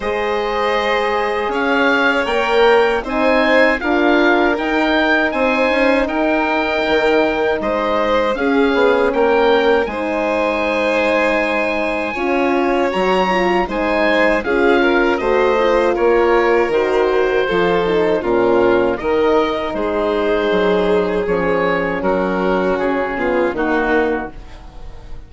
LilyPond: <<
  \new Staff \with { instrumentName = "oboe" } { \time 4/4 \tempo 4 = 79 dis''2 f''4 g''4 | gis''4 f''4 g''4 gis''4 | g''2 dis''4 f''4 | g''4 gis''2.~ |
gis''4 ais''4 gis''4 f''4 | dis''4 cis''4 c''2 | ais'4 dis''4 c''2 | cis''4 ais'4 gis'4 fis'4 | }
  \new Staff \with { instrumentName = "violin" } { \time 4/4 c''2 cis''2 | c''4 ais'2 c''4 | ais'2 c''4 gis'4 | ais'4 c''2. |
cis''2 c''4 gis'8 ais'8 | c''4 ais'2 a'4 | f'4 ais'4 gis'2~ | gis'4 fis'4. f'8 dis'4 | }
  \new Staff \with { instrumentName = "horn" } { \time 4/4 gis'2. ais'4 | dis'4 f'4 dis'2~ | dis'2. cis'4~ | cis'4 dis'2. |
f'4 fis'8 f'8 dis'4 f'4 | fis'8 f'4. fis'4 f'8 dis'8 | cis'4 dis'2. | cis'2~ cis'8 b8 ais4 | }
  \new Staff \with { instrumentName = "bassoon" } { \time 4/4 gis2 cis'4 ais4 | c'4 d'4 dis'4 c'8 cis'8 | dis'4 dis4 gis4 cis'8 b8 | ais4 gis2. |
cis'4 fis4 gis4 cis'4 | a4 ais4 dis4 f4 | ais,4 dis4 gis4 fis4 | f4 fis4 cis4 dis4 | }
>>